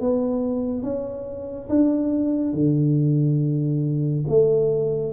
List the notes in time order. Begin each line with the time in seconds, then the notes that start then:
0.00 B3
0.83 C#4
1.69 D4
2.53 D3
4.28 A3